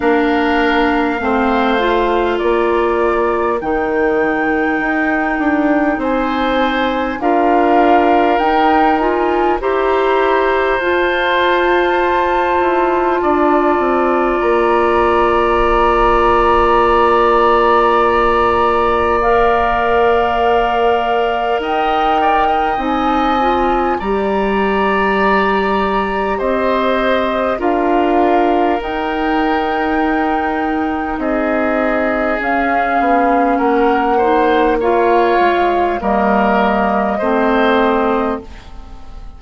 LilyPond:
<<
  \new Staff \with { instrumentName = "flute" } { \time 4/4 \tempo 4 = 50 f''2 d''4 g''4~ | g''4 gis''4 f''4 g''8 gis''8 | ais''4 a''2. | ais''1 |
f''2 g''4 gis''4 | ais''2 dis''4 f''4 | g''2 dis''4 f''4 | fis''4 f''4 dis''2 | }
  \new Staff \with { instrumentName = "oboe" } { \time 4/4 ais'4 c''4 ais'2~ | ais'4 c''4 ais'2 | c''2. d''4~ | d''1~ |
d''2 dis''8 d''16 dis''4~ dis''16 | d''2 c''4 ais'4~ | ais'2 gis'2 | ais'8 c''8 cis''4 ais'4 c''4 | }
  \new Staff \with { instrumentName = "clarinet" } { \time 4/4 d'4 c'8 f'4. dis'4~ | dis'2 f'4 dis'8 f'8 | g'4 f'2.~ | f'1 |
ais'2. dis'8 f'8 | g'2. f'4 | dis'2. cis'4~ | cis'8 dis'8 f'4 ais4 c'4 | }
  \new Staff \with { instrumentName = "bassoon" } { \time 4/4 ais4 a4 ais4 dis4 | dis'8 d'8 c'4 d'4 dis'4 | e'4 f'4. e'8 d'8 c'8 | ais1~ |
ais2 dis'4 c'4 | g2 c'4 d'4 | dis'2 c'4 cis'8 b8 | ais4. gis8 g4 a4 | }
>>